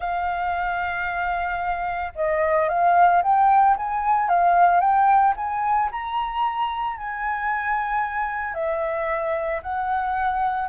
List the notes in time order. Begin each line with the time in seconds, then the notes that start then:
0.00 F5
2.15 D#5
2.68 F5
3.22 G5
3.76 G#5
4.29 F5
4.80 G5
5.36 G#5
5.91 A#5
6.97 G#5
8.54 E5
9.62 F#5